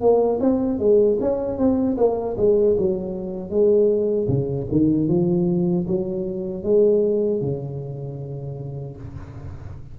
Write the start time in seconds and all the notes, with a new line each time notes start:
0.00 A#3
0.40 C4
0.79 G#3
1.20 C#4
1.58 C4
1.97 A#3
2.37 G#3
2.77 F#3
3.50 G#3
4.28 C#3
4.71 D#3
5.08 F3
5.87 F#3
6.63 G#3
7.41 C#3